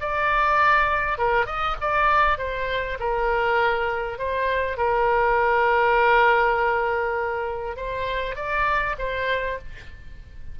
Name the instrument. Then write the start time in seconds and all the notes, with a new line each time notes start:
oboe
0.00 D5
1.18 A#4
1.46 D#5
1.81 D5
2.38 C5
2.99 A#4
4.18 C5
4.77 A#4
7.76 C5
8.35 D5
8.98 C5